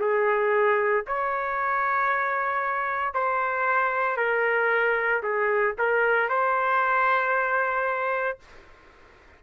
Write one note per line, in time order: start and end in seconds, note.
0.00 1.05 G#4
1.07 3.14 C#5
3.14 4.17 C5
4.17 5.22 A#4
5.23 5.76 G#4
5.78 6.30 A#4
6.30 8.40 C5